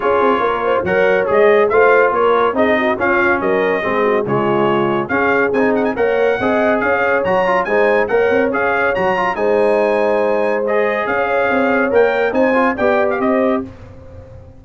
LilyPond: <<
  \new Staff \with { instrumentName = "trumpet" } { \time 4/4 \tempo 4 = 141 cis''2 fis''4 dis''4 | f''4 cis''4 dis''4 f''4 | dis''2 cis''2 | f''4 gis''8 fis''16 gis''16 fis''2 |
f''4 ais''4 gis''4 fis''4 | f''4 ais''4 gis''2~ | gis''4 dis''4 f''2 | g''4 gis''4 g''8. f''16 dis''4 | }
  \new Staff \with { instrumentName = "horn" } { \time 4/4 gis'4 ais'8 c''8 cis''2 | c''4 ais'4 gis'8 fis'8 f'4 | ais'4 gis'8 fis'8 f'2 | gis'2 cis''4 dis''4 |
cis''2 c''4 cis''4~ | cis''2 c''2~ | c''2 cis''2~ | cis''4 c''4 d''4 c''4 | }
  \new Staff \with { instrumentName = "trombone" } { \time 4/4 f'2 ais'4 gis'4 | f'2 dis'4 cis'4~ | cis'4 c'4 gis2 | cis'4 dis'4 ais'4 gis'4~ |
gis'4 fis'8 f'8 dis'4 ais'4 | gis'4 fis'8 f'8 dis'2~ | dis'4 gis'2. | ais'4 dis'8 f'8 g'2 | }
  \new Staff \with { instrumentName = "tuba" } { \time 4/4 cis'8 c'8 ais4 fis4 gis4 | a4 ais4 c'4 cis'4 | fis4 gis4 cis2 | cis'4 c'4 ais4 c'4 |
cis'4 fis4 gis4 ais8 c'8 | cis'4 fis4 gis2~ | gis2 cis'4 c'4 | ais4 c'4 b4 c'4 | }
>>